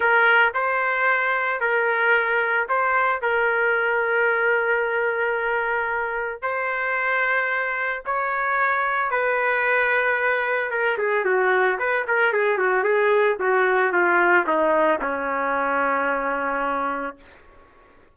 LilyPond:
\new Staff \with { instrumentName = "trumpet" } { \time 4/4 \tempo 4 = 112 ais'4 c''2 ais'4~ | ais'4 c''4 ais'2~ | ais'1 | c''2. cis''4~ |
cis''4 b'2. | ais'8 gis'8 fis'4 b'8 ais'8 gis'8 fis'8 | gis'4 fis'4 f'4 dis'4 | cis'1 | }